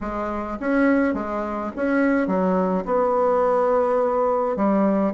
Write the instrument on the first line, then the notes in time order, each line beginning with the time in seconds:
bassoon
0.00 G#3
0.60 C#4
1.14 G#3
1.76 C#4
2.27 F#3
2.85 B3
4.56 G3